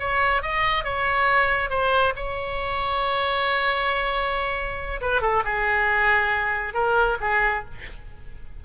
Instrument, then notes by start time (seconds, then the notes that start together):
oboe
0.00 C#5
0.42 D#5
0.84 C#5
1.70 C5
2.16 C#5
5.01 B4
5.22 A4
5.45 G#4
6.74 A#4
7.21 G#4